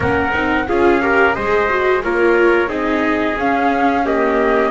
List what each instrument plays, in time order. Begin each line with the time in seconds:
0.00 double bass A#3, viola C#4, trumpet A#4, flute F#5
0.33 double bass C4, viola D#4
0.67 double bass C#4, viola F4, trumpet G#4, flute F5
1.01 viola G4, trumpet A#4
1.34 double bass G#3, viola G#4, trumpet C5, flute D#5
1.68 viola F#4
2.03 double bass A#3, viola F4, trumpet A#4, flute C#5
2.67 double bass C4, viola D#4, trumpet G#4, flute D#5
3.36 double bass C#4, viola C#4, flute F5
4.05 viola A#3, trumpet G4, flute D#5